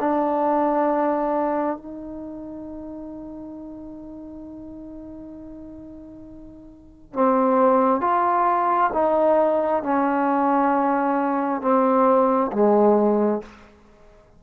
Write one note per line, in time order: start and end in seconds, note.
0.00 1.77 D4
1.77 7.14 D#4
7.14 8.01 C4
8.01 8.91 F4
8.93 9.83 D#4
9.83 11.62 C#4
11.62 12.51 C4
12.53 13.42 G#3